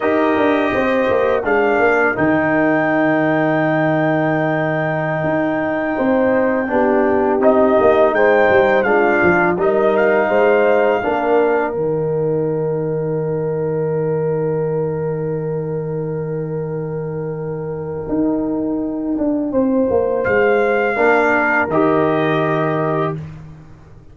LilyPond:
<<
  \new Staff \with { instrumentName = "trumpet" } { \time 4/4 \tempo 4 = 83 dis''2 f''4 g''4~ | g''1~ | g''2~ g''16 dis''4 g''8.~ | g''16 f''4 dis''8 f''2~ f''16~ |
f''16 g''2.~ g''8.~ | g''1~ | g''1 | f''2 dis''2 | }
  \new Staff \with { instrumentName = "horn" } { \time 4/4 ais'4 c''4 ais'2~ | ais'1~ | ais'16 c''4 g'2 c''8.~ | c''16 f'4 ais'4 c''4 ais'8.~ |
ais'1~ | ais'1~ | ais'2. c''4~ | c''4 ais'2. | }
  \new Staff \with { instrumentName = "trombone" } { \time 4/4 g'2 d'4 dis'4~ | dis'1~ | dis'4~ dis'16 d'4 dis'4.~ dis'16~ | dis'16 d'4 dis'2 d'8.~ |
d'16 dis'2.~ dis'8.~ | dis'1~ | dis'1~ | dis'4 d'4 g'2 | }
  \new Staff \with { instrumentName = "tuba" } { \time 4/4 dis'8 d'8 c'8 ais8 gis8 ais8 dis4~ | dis2.~ dis16 dis'8.~ | dis'16 c'4 b4 c'8 ais8 gis8 g16~ | g16 gis8 f8 g4 gis4 ais8.~ |
ais16 dis2.~ dis8.~ | dis1~ | dis4 dis'4. d'8 c'8 ais8 | gis4 ais4 dis2 | }
>>